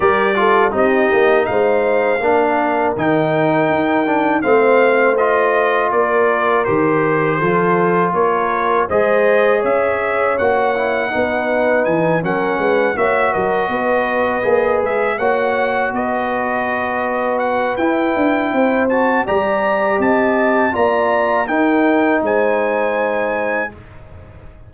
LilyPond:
<<
  \new Staff \with { instrumentName = "trumpet" } { \time 4/4 \tempo 4 = 81 d''4 dis''4 f''2 | g''2 f''4 dis''4 | d''4 c''2 cis''4 | dis''4 e''4 fis''2 |
gis''8 fis''4 e''8 dis''2 | e''8 fis''4 dis''2 fis''8 | g''4. a''8 ais''4 a''4 | ais''4 g''4 gis''2 | }
  \new Staff \with { instrumentName = "horn" } { \time 4/4 ais'8 a'8 g'4 c''4 ais'4~ | ais'2 c''2 | ais'2 a'4 ais'4 | c''4 cis''2 b'4~ |
b'8 ais'8 b'8 cis''8 ais'8 b'4.~ | b'8 cis''4 b'2~ b'8~ | b'4 c''4 d''4 dis''4 | d''4 ais'4 c''2 | }
  \new Staff \with { instrumentName = "trombone" } { \time 4/4 g'8 f'8 dis'2 d'4 | dis'4. d'8 c'4 f'4~ | f'4 g'4 f'2 | gis'2 fis'8 e'8 dis'4~ |
dis'8 cis'4 fis'2 gis'8~ | gis'8 fis'2.~ fis'8 | e'4. fis'8 g'2 | f'4 dis'2. | }
  \new Staff \with { instrumentName = "tuba" } { \time 4/4 g4 c'8 ais8 gis4 ais4 | dis4 dis'4 a2 | ais4 dis4 f4 ais4 | gis4 cis'4 ais4 b4 |
e8 fis8 gis8 ais8 fis8 b4 ais8 | gis8 ais4 b2~ b8 | e'8 d'8 c'4 g4 c'4 | ais4 dis'4 gis2 | }
>>